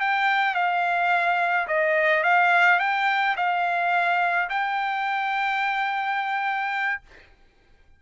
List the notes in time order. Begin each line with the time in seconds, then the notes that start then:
0.00 G5
0.54 F5
1.67 D#5
2.23 F5
2.79 G5
3.36 F5
4.49 G5